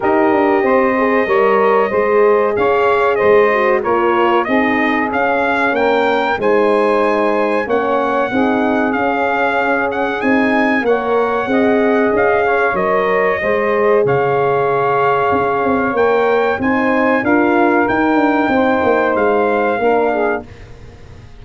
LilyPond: <<
  \new Staff \with { instrumentName = "trumpet" } { \time 4/4 \tempo 4 = 94 dis''1 | f''4 dis''4 cis''4 dis''4 | f''4 g''4 gis''2 | fis''2 f''4. fis''8 |
gis''4 fis''2 f''4 | dis''2 f''2~ | f''4 g''4 gis''4 f''4 | g''2 f''2 | }
  \new Staff \with { instrumentName = "saxophone" } { \time 4/4 ais'4 c''4 cis''4 c''4 | cis''4 c''4 ais'4 gis'4~ | gis'4 ais'4 c''2 | cis''4 gis'2.~ |
gis'4 cis''4 dis''4. cis''8~ | cis''4 c''4 cis''2~ | cis''2 c''4 ais'4~ | ais'4 c''2 ais'8 gis'8 | }
  \new Staff \with { instrumentName = "horn" } { \time 4/4 g'4. gis'8 ais'4 gis'4~ | gis'4. fis'8 f'4 dis'4 | cis'2 dis'2 | cis'4 dis'4 cis'2 |
dis'4 ais'4 gis'2 | ais'4 gis'2.~ | gis'4 ais'4 dis'4 f'4 | dis'2. d'4 | }
  \new Staff \with { instrumentName = "tuba" } { \time 4/4 dis'8 d'8 c'4 g4 gis4 | cis'4 gis4 ais4 c'4 | cis'4 ais4 gis2 | ais4 c'4 cis'2 |
c'4 ais4 c'4 cis'4 | fis4 gis4 cis2 | cis'8 c'8 ais4 c'4 d'4 | dis'8 d'8 c'8 ais8 gis4 ais4 | }
>>